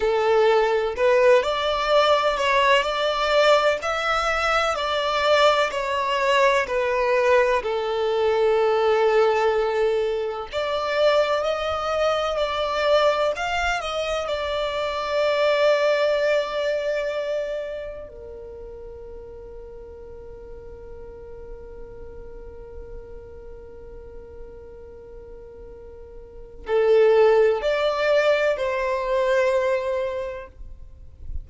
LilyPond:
\new Staff \with { instrumentName = "violin" } { \time 4/4 \tempo 4 = 63 a'4 b'8 d''4 cis''8 d''4 | e''4 d''4 cis''4 b'4 | a'2. d''4 | dis''4 d''4 f''8 dis''8 d''4~ |
d''2. ais'4~ | ais'1~ | ais'1 | a'4 d''4 c''2 | }